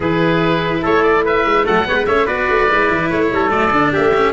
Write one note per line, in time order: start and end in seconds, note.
0.00 0.81 E3
0.00 1.64 E4
0.00 0.82 G#4
0.00 0.84 B4
0.82 1.45 A3
0.82 1.23 A4
0.82 1.03 C#5
1.03 1.23 D5
1.24 1.65 B4
1.24 1.66 E5
1.45 1.65 G#3
1.64 1.88 F#3
1.64 1.84 A3
1.64 1.86 A4
1.64 2.06 F#5
1.85 2.07 G#3
1.85 2.05 B3
1.85 1.95 C#5
1.95 2.05 B4
2.06 2.27 A3
2.06 2.26 C#4
2.06 2.25 C#5
2.06 2.27 E5
2.25 2.47 B3
2.25 2.68 F#4
2.25 3.29 B4
2.25 3.09 D5
2.49 2.70 A3
2.68 2.89 G#3
2.68 3.49 E4
2.89 3.10 E3
3.09 3.31 A3
3.09 3.50 C#5
3.31 3.51 G3
3.31 3.92 A4
3.49 3.71 F#3
3.49 3.70 A3
3.49 3.92 D5
3.71 3.92 D3
3.71 4.12 D4
3.92 4.32 A3
3.92 4.32 G4
3.92 4.32 E5
4.14 4.32 C#4